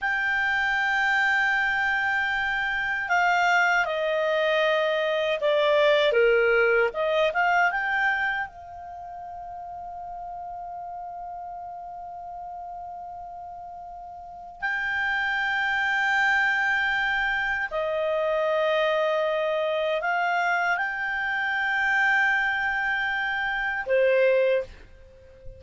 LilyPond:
\new Staff \with { instrumentName = "clarinet" } { \time 4/4 \tempo 4 = 78 g''1 | f''4 dis''2 d''4 | ais'4 dis''8 f''8 g''4 f''4~ | f''1~ |
f''2. g''4~ | g''2. dis''4~ | dis''2 f''4 g''4~ | g''2. c''4 | }